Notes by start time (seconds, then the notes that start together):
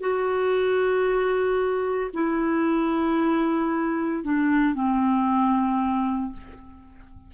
0.00 F#4
2.13 E4
4.23 D4
4.74 C4